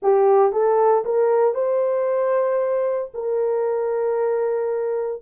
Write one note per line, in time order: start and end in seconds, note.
0.02 0.52 G4
0.52 1.04 A4
1.04 1.54 A#4
1.54 3.11 C5
3.14 5.22 A#4